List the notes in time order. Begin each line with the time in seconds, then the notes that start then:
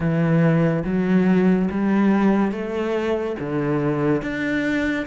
0.00 E3
0.84 F#3
1.71 G3
2.51 A3
3.39 D3
4.22 D4